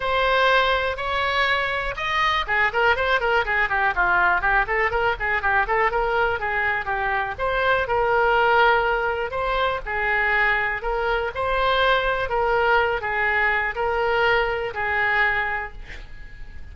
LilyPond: \new Staff \with { instrumentName = "oboe" } { \time 4/4 \tempo 4 = 122 c''2 cis''2 | dis''4 gis'8 ais'8 c''8 ais'8 gis'8 g'8 | f'4 g'8 a'8 ais'8 gis'8 g'8 a'8 | ais'4 gis'4 g'4 c''4 |
ais'2. c''4 | gis'2 ais'4 c''4~ | c''4 ais'4. gis'4. | ais'2 gis'2 | }